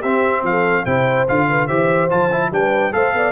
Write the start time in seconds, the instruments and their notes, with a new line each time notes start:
0.00 tuba C4, trombone C4, horn G4, trumpet E5
0.43 tuba F3, trumpet F5
0.49 horn A4
0.85 tuba C3, trombone E4, horn C5, trumpet G5
1.28 tuba D3, trombone F4, trumpet F5
1.49 horn B4
1.67 tuba E3, trombone G4, horn C5, trumpet E5
2.10 tuba F3, trombone F4, trumpet A5
2.32 trombone E4
2.51 tuba G3, trombone D4, horn B4, trumpet G5
2.92 tuba A3, trombone A4, horn C5, trumpet F5
3.14 tuba B3, horn D5